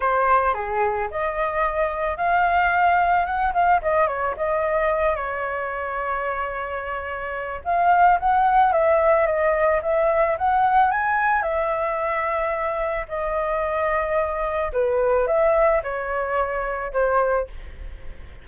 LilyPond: \new Staff \with { instrumentName = "flute" } { \time 4/4 \tempo 4 = 110 c''4 gis'4 dis''2 | f''2 fis''8 f''8 dis''8 cis''8 | dis''4. cis''2~ cis''8~ | cis''2 f''4 fis''4 |
e''4 dis''4 e''4 fis''4 | gis''4 e''2. | dis''2. b'4 | e''4 cis''2 c''4 | }